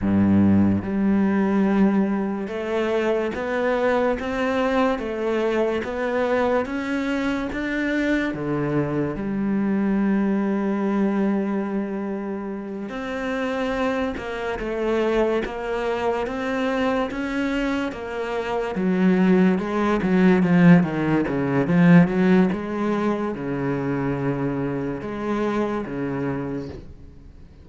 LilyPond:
\new Staff \with { instrumentName = "cello" } { \time 4/4 \tempo 4 = 72 g,4 g2 a4 | b4 c'4 a4 b4 | cis'4 d'4 d4 g4~ | g2.~ g8 c'8~ |
c'4 ais8 a4 ais4 c'8~ | c'8 cis'4 ais4 fis4 gis8 | fis8 f8 dis8 cis8 f8 fis8 gis4 | cis2 gis4 cis4 | }